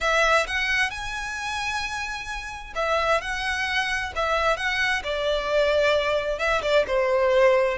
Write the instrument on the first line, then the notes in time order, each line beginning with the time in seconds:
violin
0.00 E5
0.46 F#5
0.90 G#5
2.75 E5
3.21 F#5
4.15 E5
4.56 F#5
5.03 D5
6.38 E5
6.62 D5
6.87 C5